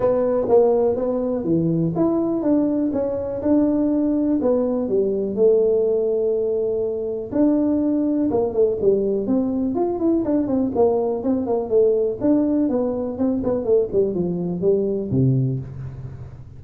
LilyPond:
\new Staff \with { instrumentName = "tuba" } { \time 4/4 \tempo 4 = 123 b4 ais4 b4 e4 | e'4 d'4 cis'4 d'4~ | d'4 b4 g4 a4~ | a2. d'4~ |
d'4 ais8 a8 g4 c'4 | f'8 e'8 d'8 c'8 ais4 c'8 ais8 | a4 d'4 b4 c'8 b8 | a8 g8 f4 g4 c4 | }